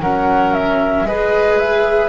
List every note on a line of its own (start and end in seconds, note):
0.00 1.04 F#3
0.00 1.07 C#4
0.00 1.07 A#4
0.00 0.54 F#5
0.54 1.06 E5
1.04 2.09 G#3
1.04 2.09 G#4
1.04 2.09 B4
1.04 1.58 D#5
1.58 2.09 E5